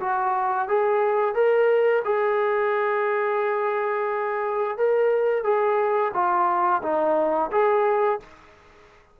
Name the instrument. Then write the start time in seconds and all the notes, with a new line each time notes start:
trombone
0.00 F#4
0.68 G#4
1.35 A#4
2.05 G#4
4.78 A#4
5.44 G#4
6.14 F4
6.82 D#4
7.52 G#4